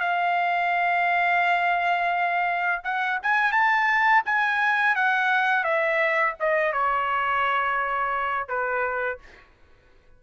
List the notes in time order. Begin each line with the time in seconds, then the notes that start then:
0.00 F5
2.84 F#5
3.23 G#5
3.52 A5
4.26 G#5
4.95 F#5
5.64 E5
6.40 D#5
6.73 C#5
8.48 B4